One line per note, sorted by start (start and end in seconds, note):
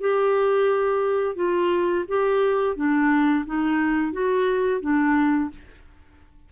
0.00 1.35 G4
1.35 2.04 F4
2.08 2.76 G4
2.76 3.45 D4
3.45 4.12 D#4
4.12 4.81 F#4
4.81 5.50 D4